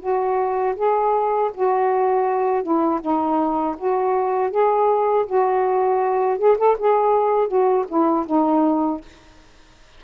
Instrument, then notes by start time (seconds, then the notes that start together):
saxophone
0.00 F#4
0.76 G#4
1.54 F#4
2.63 E4
3.01 D#4
3.78 F#4
4.51 G#4
5.27 F#4
6.39 G#4
6.58 A4
6.79 G#4
7.48 F#4
7.89 E4
8.26 D#4